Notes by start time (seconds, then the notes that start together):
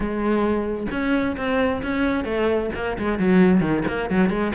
0.00 G#3
0.91 C#4
1.36 C4
1.82 C#4
2.24 A3
2.74 A#3
2.98 G#3
3.18 F#3
3.60 D#3
3.87 A#3
4.10 F#3
4.29 G#3